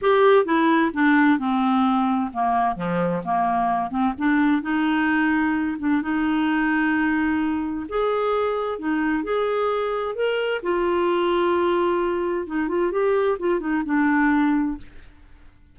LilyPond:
\new Staff \with { instrumentName = "clarinet" } { \time 4/4 \tempo 4 = 130 g'4 e'4 d'4 c'4~ | c'4 ais4 f4 ais4~ | ais8 c'8 d'4 dis'2~ | dis'8 d'8 dis'2.~ |
dis'4 gis'2 dis'4 | gis'2 ais'4 f'4~ | f'2. dis'8 f'8 | g'4 f'8 dis'8 d'2 | }